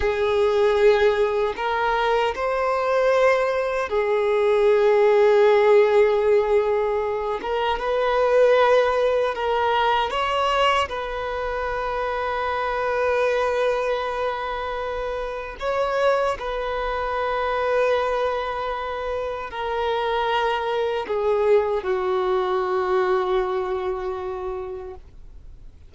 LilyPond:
\new Staff \with { instrumentName = "violin" } { \time 4/4 \tempo 4 = 77 gis'2 ais'4 c''4~ | c''4 gis'2.~ | gis'4. ais'8 b'2 | ais'4 cis''4 b'2~ |
b'1 | cis''4 b'2.~ | b'4 ais'2 gis'4 | fis'1 | }